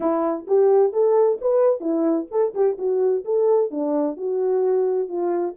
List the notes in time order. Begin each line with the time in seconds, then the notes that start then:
0.00 E4
0.47 G4
0.92 A4
1.41 B4
1.80 E4
2.31 A4
2.54 G4
2.78 F#4
3.24 A4
3.70 D4
4.16 F#4
5.08 F4